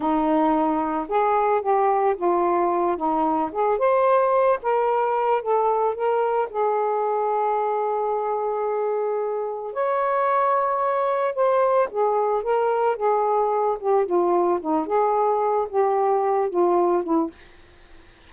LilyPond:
\new Staff \with { instrumentName = "saxophone" } { \time 4/4 \tempo 4 = 111 dis'2 gis'4 g'4 | f'4. dis'4 gis'8 c''4~ | c''8 ais'4. a'4 ais'4 | gis'1~ |
gis'2 cis''2~ | cis''4 c''4 gis'4 ais'4 | gis'4. g'8 f'4 dis'8 gis'8~ | gis'4 g'4. f'4 e'8 | }